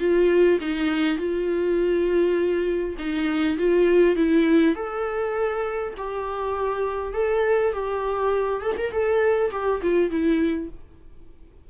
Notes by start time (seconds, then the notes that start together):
0.00 F4
0.61 D#4
1.18 F4
2.99 D#4
3.59 F4
4.16 E4
4.76 A4
5.98 G4
7.14 A4
7.73 G4
8.62 A4
8.78 A#4
8.92 A4
9.52 G4
9.82 F4
10.11 E4